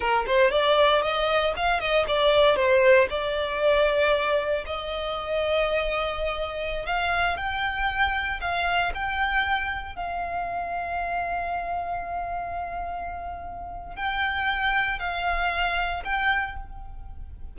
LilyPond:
\new Staff \with { instrumentName = "violin" } { \time 4/4 \tempo 4 = 116 ais'8 c''8 d''4 dis''4 f''8 dis''8 | d''4 c''4 d''2~ | d''4 dis''2.~ | dis''4~ dis''16 f''4 g''4.~ g''16~ |
g''16 f''4 g''2 f''8.~ | f''1~ | f''2. g''4~ | g''4 f''2 g''4 | }